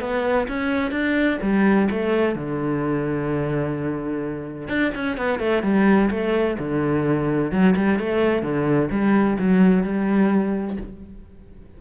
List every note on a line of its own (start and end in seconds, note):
0.00 0.47 B3
0.48 0.91 C#4
0.91 1.38 D4
1.42 1.89 G3
1.90 2.35 A3
2.35 4.68 D3
4.68 4.91 D4
4.95 5.17 C#4
5.17 5.39 B3
5.39 5.62 A3
5.62 6.09 G3
6.10 6.57 A3
6.59 7.51 D3
7.51 7.75 F#3
7.76 7.99 G3
7.99 8.42 A3
8.42 8.89 D3
8.90 9.37 G3
9.39 9.83 F#3
9.83 10.77 G3